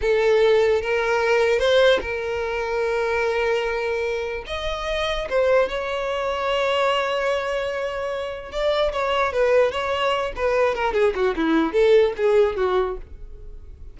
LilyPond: \new Staff \with { instrumentName = "violin" } { \time 4/4 \tempo 4 = 148 a'2 ais'2 | c''4 ais'2.~ | ais'2. dis''4~ | dis''4 c''4 cis''2~ |
cis''1~ | cis''4 d''4 cis''4 b'4 | cis''4. b'4 ais'8 gis'8 fis'8 | e'4 a'4 gis'4 fis'4 | }